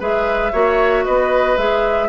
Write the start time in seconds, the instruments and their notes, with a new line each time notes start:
0.00 bassoon G#3, clarinet G#4, oboe B4, flute E5
0.52 bassoon A#3, clarinet F#4, oboe C#5
1.05 bassoon B3, oboe B4, flute D#5
1.57 bassoon G#3, clarinet G#4, flute E5